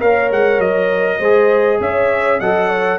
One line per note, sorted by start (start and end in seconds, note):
0.00 0.32 A#3
0.00 1.20 A#4
0.00 1.19 C#5
0.00 0.30 F5
0.32 0.59 G#3
0.32 0.61 F#5
0.59 1.19 F#3
0.59 1.81 D#5
1.19 1.80 G#3
1.19 2.42 G#4
1.19 1.79 C5
1.80 2.40 C#4
1.80 2.40 C#5
1.80 2.40 E5
2.40 2.99 F#3
2.40 2.99 A4
2.40 2.69 D#5
2.40 2.99 F#5
2.69 2.99 C#5